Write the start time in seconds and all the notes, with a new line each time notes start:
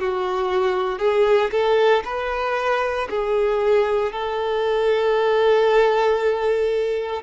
0.00 F#4
0.99 G#4
1.52 A4
2.05 B4
3.10 G#4
4.12 A4